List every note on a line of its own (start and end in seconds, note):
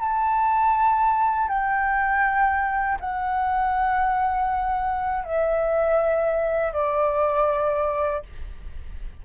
0.00 1.48 A5
1.48 2.98 G5
3.00 5.24 F#5
5.24 6.73 E5
6.73 8.23 D5